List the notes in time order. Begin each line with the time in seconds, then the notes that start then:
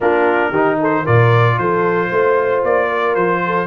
0.00 A#3 D4 F4 A#4
0.50 D#3 D#4 G4
0.80 A4 C5
1.03 A#2 F4 A#4 D5
1.58 F3 A4 C5
2.09 A3 C5
2.63 A#3 D5
2.88 A#4
3.14 F3 C5
3.46 A4